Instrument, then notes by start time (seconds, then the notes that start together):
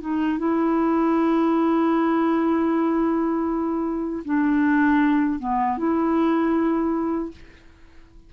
clarinet
0.00 D#4
0.38 E4
4.24 D4
5.39 B3
5.77 E4